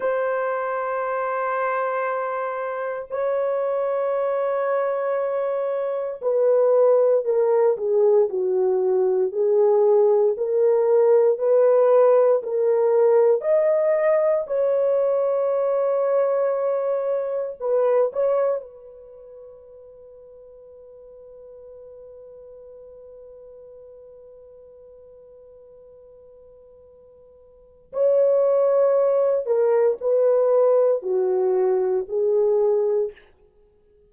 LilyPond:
\new Staff \with { instrumentName = "horn" } { \time 4/4 \tempo 4 = 58 c''2. cis''4~ | cis''2 b'4 ais'8 gis'8 | fis'4 gis'4 ais'4 b'4 | ais'4 dis''4 cis''2~ |
cis''4 b'8 cis''8 b'2~ | b'1~ | b'2. cis''4~ | cis''8 ais'8 b'4 fis'4 gis'4 | }